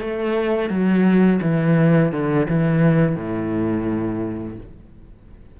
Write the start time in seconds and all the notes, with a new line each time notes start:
0.00 A3
0.69 F#3
1.41 E3
2.12 D3
2.49 E3
3.16 A2